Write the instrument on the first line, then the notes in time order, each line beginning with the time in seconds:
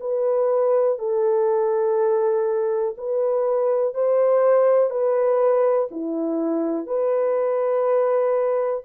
horn
0.00 B4
0.98 A4
2.97 B4
3.94 C5
4.90 B4
5.91 E4
6.86 B4